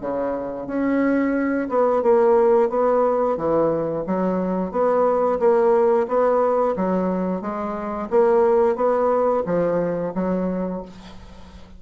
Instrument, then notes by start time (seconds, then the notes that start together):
bassoon
0.00 C#3
0.67 C#4
1.69 B3
2.02 A#3
2.69 B3
3.36 E3
4.06 F#3
4.71 B3
5.39 A#3
6.07 B3
6.76 F#3
7.41 G#3
8.10 A#3
8.75 B3
9.46 F3
10.14 F#3